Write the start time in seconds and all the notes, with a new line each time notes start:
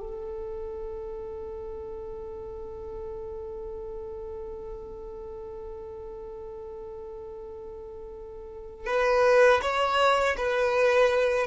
0.00 A4
8.86 B4
9.62 C#5
10.37 B4